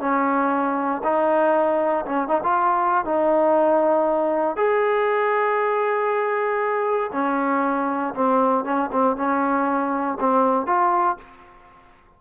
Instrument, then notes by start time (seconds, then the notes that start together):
trombone
0.00 C#4
1.04 D#4
2.05 C#4
2.28 D#4
2.43 F4
3.05 D#4
4.56 G#4
7.12 C#4
8.14 C4
8.64 C#4
8.92 C4
9.16 C#4
10.20 C4
10.66 F4